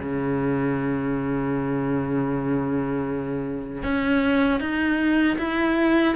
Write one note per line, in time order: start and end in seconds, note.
0.00 3.84 C#3
3.84 4.60 C#4
4.60 5.37 D#4
5.38 6.15 E4